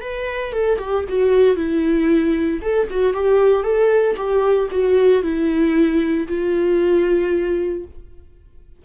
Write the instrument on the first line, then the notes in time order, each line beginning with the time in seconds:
viola
0.00 B4
0.52 A4
0.78 G4
1.09 F#4
1.56 E4
2.61 A4
2.90 F#4
3.13 G4
3.63 A4
4.16 G4
4.71 F#4
5.23 E4
6.28 F4